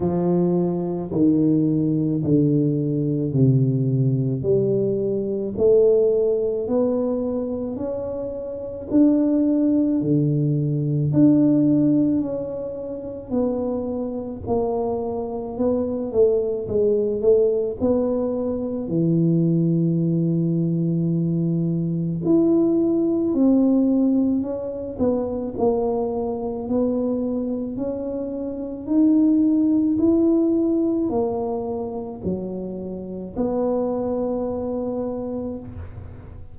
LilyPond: \new Staff \with { instrumentName = "tuba" } { \time 4/4 \tempo 4 = 54 f4 dis4 d4 c4 | g4 a4 b4 cis'4 | d'4 d4 d'4 cis'4 | b4 ais4 b8 a8 gis8 a8 |
b4 e2. | e'4 c'4 cis'8 b8 ais4 | b4 cis'4 dis'4 e'4 | ais4 fis4 b2 | }